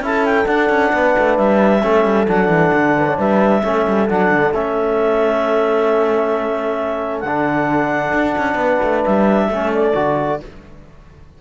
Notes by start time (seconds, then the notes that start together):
0.00 C#4 E4 A4 A5
0.25 G5
0.45 D4 F#5
0.69 C#4
0.92 B3 B4
1.18 A3
1.37 G3 E5
1.82 A3 C#4 A4
2.04 G3
2.27 F#3 D4 F#5
2.48 E3
2.73 D3
2.97 B4
3.07 C#5
3.17 G3 B4 E5
3.62 A3 C#4 A4
3.87 G3
4.08 F#3 D4 F#5
4.31 D3
4.53 A3 C#4 E5
7.20 D3 F#5
7.27 D4
8.13 D4
8.38 C#4
8.54 B3 B4
8.82 A3
9.04 G3 E5
9.48 A3 C#4 A4
9.73 D5
9.95 D3 F#4